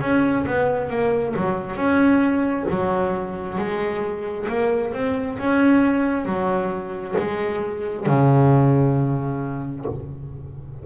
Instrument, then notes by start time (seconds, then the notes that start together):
double bass
0.00 C#4
0.46 B3
0.90 A#3
1.36 F#3
1.75 C#4
2.69 F#3
3.58 G#3
4.48 A#3
4.93 C4
5.38 C#4
6.25 F#3
7.17 G#3
8.06 C#3